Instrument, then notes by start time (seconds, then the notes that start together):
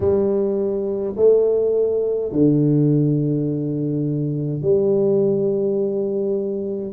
tuba
0.00 G3
1.16 A3
2.32 D3
4.62 G3